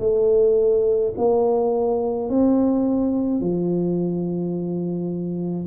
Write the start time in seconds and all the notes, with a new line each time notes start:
0.00 A3
1.17 A#3
2.29 C4
3.41 F3